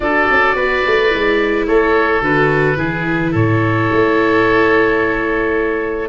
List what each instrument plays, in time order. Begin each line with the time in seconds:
0.00 tuba D4, viola F#4, oboe A4 D5
0.30 tuba C#4
0.55 tuba B3, oboe B4
0.86 tuba A3
1.09 tuba G#3, viola E4
1.66 tuba A3, oboe A4 C#5
2.21 tuba D3, viola F#4, oboe B4
2.76 tuba E3, viola E4, oboe G#4
3.31 tuba A2, oboe A4 C#5
3.91 tuba A3